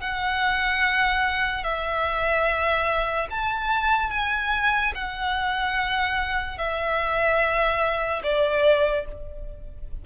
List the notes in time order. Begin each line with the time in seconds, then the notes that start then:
0.00 F#5
1.63 E5
3.30 A5
4.10 G#5
4.95 F#5
6.58 E5
8.23 D5